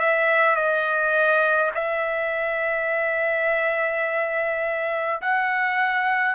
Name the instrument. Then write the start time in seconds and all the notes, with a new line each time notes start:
trumpet
0.00 E5
0.56 D#5
1.75 E5
5.21 F#5